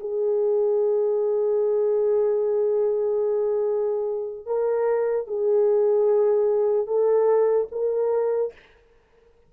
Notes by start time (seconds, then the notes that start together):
0.00 G#4
4.46 A#4
5.27 G#4
6.87 A4
7.72 A#4